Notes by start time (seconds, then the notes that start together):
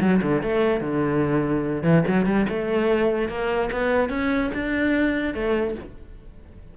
0.00 F#3
0.22 D3
0.42 A3
0.80 D3
1.83 E3
2.07 F#3
2.25 G3
2.49 A3
3.28 A#3
3.71 B3
4.09 C#4
4.53 D4
5.34 A3